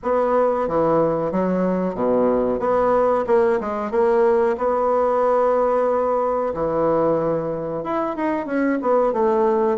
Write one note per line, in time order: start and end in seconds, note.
0.02 0.68 B3
0.68 1.31 E3
1.31 1.94 F#3
1.94 2.59 B2
2.59 3.24 B3
3.26 3.59 A#3
3.60 3.91 G#3
3.91 4.56 A#3
4.57 6.53 B3
6.54 7.83 E3
7.83 8.16 E4
8.16 8.46 D#4
8.46 8.78 C#4
8.81 9.12 B3
9.12 9.78 A3